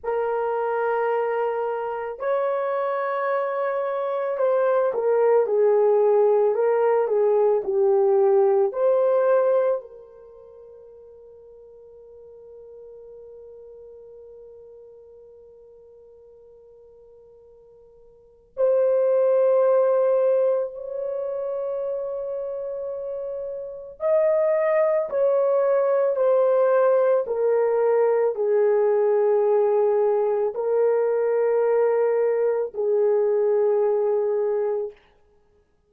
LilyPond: \new Staff \with { instrumentName = "horn" } { \time 4/4 \tempo 4 = 55 ais'2 cis''2 | c''8 ais'8 gis'4 ais'8 gis'8 g'4 | c''4 ais'2.~ | ais'1~ |
ais'4 c''2 cis''4~ | cis''2 dis''4 cis''4 | c''4 ais'4 gis'2 | ais'2 gis'2 | }